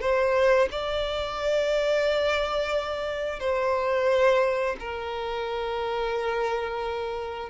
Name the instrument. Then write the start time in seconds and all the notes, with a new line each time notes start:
violin
0.00 C5
0.71 D5
3.39 C5
4.79 A#4